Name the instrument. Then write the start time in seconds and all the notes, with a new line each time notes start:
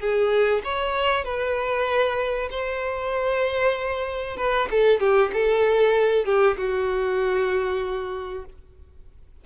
violin
0.00 G#4
0.64 C#5
1.25 B4
2.51 C5
4.38 B4
4.72 A4
5.01 G4
5.34 A4
6.26 G4
6.58 F#4